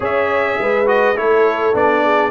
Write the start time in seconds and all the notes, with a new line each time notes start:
0.00 C#4 G#4 C#5 E5
0.59 G#3 B4
0.86 F#4 D#5
1.15 A3 E4 A4 C#5
1.73 B3 D4 D5
2.03 G#4